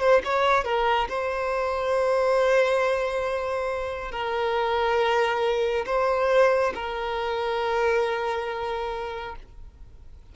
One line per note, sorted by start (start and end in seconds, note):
0.00 0.22 C5
0.24 0.64 C#5
0.64 1.08 A#4
1.09 4.11 C5
4.11 5.85 A#4
5.86 6.73 C5
6.74 9.35 A#4